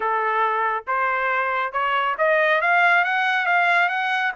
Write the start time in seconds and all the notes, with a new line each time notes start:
0.00 A4
0.87 C5
1.72 C#5
2.17 D#5
2.61 F5
3.04 F#5
3.46 F5
3.88 F#5